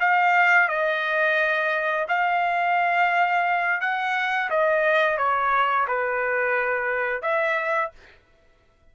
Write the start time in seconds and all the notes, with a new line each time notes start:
0.00 F5
0.68 D#5
2.08 F5
3.81 F#5
4.50 D#5
5.18 C#5
5.87 B4
7.22 E5